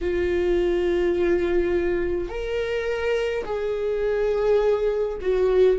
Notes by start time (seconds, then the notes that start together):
0.01 F4
2.29 A#4
3.45 G#4
5.21 F#4